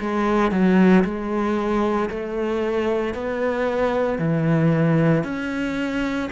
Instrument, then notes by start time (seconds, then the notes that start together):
cello
0.00 G#3
0.51 F#3
1.04 G#3
2.10 A3
3.14 B3
4.18 E3
5.24 C#4